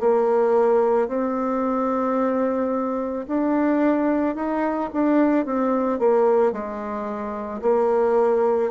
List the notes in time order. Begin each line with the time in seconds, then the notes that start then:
0.00 A#3
1.08 C4
3.27 D4
4.35 D#4
4.93 D4
5.45 C4
5.99 A#3
6.52 G#3
7.62 A#3